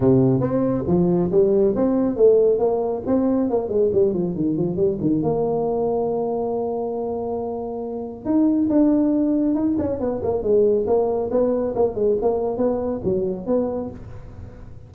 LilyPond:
\new Staff \with { instrumentName = "tuba" } { \time 4/4 \tempo 4 = 138 c4 c'4 f4 g4 | c'4 a4 ais4 c'4 | ais8 gis8 g8 f8 dis8 f8 g8 dis8 | ais1~ |
ais2. dis'4 | d'2 dis'8 cis'8 b8 ais8 | gis4 ais4 b4 ais8 gis8 | ais4 b4 fis4 b4 | }